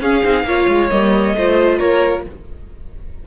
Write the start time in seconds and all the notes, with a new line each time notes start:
0.00 C#4 G#4 F5
0.24 C4 D#4
0.43 A#3 F4 C#5
0.68 G#3
0.90 G3 A#3 D#5
1.34 A3 F4 C5
1.79 A#3 A#4 C#5